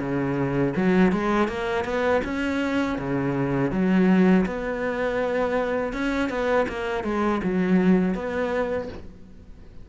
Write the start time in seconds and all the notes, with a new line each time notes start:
0.00 C#3
0.76 F#3
1.12 G#3
1.48 A#3
1.85 B3
2.24 C#4
2.98 C#3
3.71 F#3
4.46 B3
5.93 C#4
6.29 B3
6.69 A#3
7.04 G#3
7.43 F#3
8.15 B3